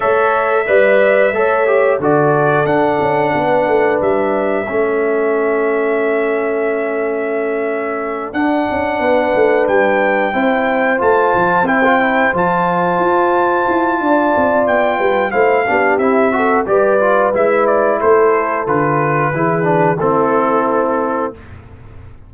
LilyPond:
<<
  \new Staff \with { instrumentName = "trumpet" } { \time 4/4 \tempo 4 = 90 e''2. d''4 | fis''2 e''2~ | e''1~ | e''8 fis''2 g''4.~ |
g''8 a''4 g''4 a''4.~ | a''2 g''4 f''4 | e''4 d''4 e''8 d''8 c''4 | b'2 a'2 | }
  \new Staff \with { instrumentName = "horn" } { \time 4/4 cis''4 d''4 cis''4 a'4~ | a'4 b'2 a'4~ | a'1~ | a'4. b'2 c''8~ |
c''1~ | c''4 d''4. b'8 c''8 g'8~ | g'8 a'8 b'2 a'4~ | a'4 gis'4 e'2 | }
  \new Staff \with { instrumentName = "trombone" } { \time 4/4 a'4 b'4 a'8 g'8 fis'4 | d'2. cis'4~ | cis'1~ | cis'8 d'2. e'8~ |
e'8 f'4 e'16 f'16 e'8 f'4.~ | f'2. e'8 d'8 | e'8 fis'8 g'8 f'8 e'2 | f'4 e'8 d'8 c'2 | }
  \new Staff \with { instrumentName = "tuba" } { \time 4/4 a4 g4 a4 d4 | d'8 cis'8 b8 a8 g4 a4~ | a1~ | a8 d'8 cis'8 b8 a8 g4 c'8~ |
c'8 a8 f8 c'4 f4 f'8~ | f'8 e'8 d'8 c'8 b8 g8 a8 b8 | c'4 g4 gis4 a4 | d4 e4 a2 | }
>>